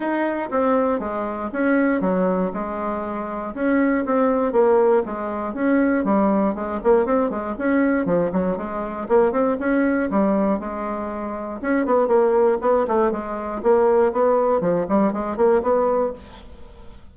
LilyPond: \new Staff \with { instrumentName = "bassoon" } { \time 4/4 \tempo 4 = 119 dis'4 c'4 gis4 cis'4 | fis4 gis2 cis'4 | c'4 ais4 gis4 cis'4 | g4 gis8 ais8 c'8 gis8 cis'4 |
f8 fis8 gis4 ais8 c'8 cis'4 | g4 gis2 cis'8 b8 | ais4 b8 a8 gis4 ais4 | b4 f8 g8 gis8 ais8 b4 | }